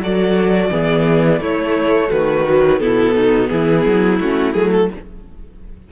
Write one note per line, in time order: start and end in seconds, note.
0.00 0.70 F#3
0.00 0.71 F#4
0.00 0.71 A4
0.00 1.43 D5
0.71 1.40 E3
0.71 1.40 B3
0.71 1.41 G#4
1.40 2.10 A3
1.40 2.45 A3
1.40 2.10 E4
1.40 2.11 C#5
2.10 2.81 D#3
2.10 2.80 F#4
2.10 2.79 B4
2.47 2.80 F#3
2.79 3.50 B2
2.79 4.19 B3
2.79 3.15 E4
2.79 3.49 A4
3.15 3.50 D#4
3.49 3.86 E3
3.49 4.92 E4
3.49 4.19 G#4
3.86 4.20 F#3
4.20 4.55 A3
4.20 4.55 C#4
4.20 4.53 F#4
4.53 4.90 F#3
4.53 4.89 A3
4.53 4.70 G#4
4.72 4.90 A4